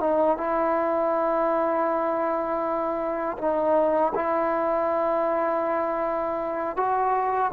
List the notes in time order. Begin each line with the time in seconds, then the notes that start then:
0.00 D#4
0.37 E4
3.38 D#4
4.15 E4
6.76 F#4